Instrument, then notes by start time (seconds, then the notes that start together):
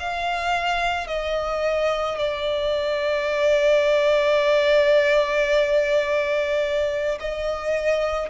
violin
0.00 F5
1.08 D#5
2.19 D5
7.20 D#5